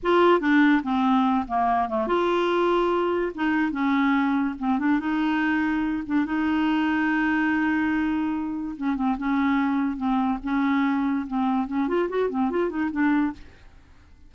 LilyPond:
\new Staff \with { instrumentName = "clarinet" } { \time 4/4 \tempo 4 = 144 f'4 d'4 c'4. ais8~ | ais8 a8 f'2. | dis'4 cis'2 c'8 d'8 | dis'2~ dis'8 d'8 dis'4~ |
dis'1~ | dis'4 cis'8 c'8 cis'2 | c'4 cis'2 c'4 | cis'8 f'8 fis'8 c'8 f'8 dis'8 d'4 | }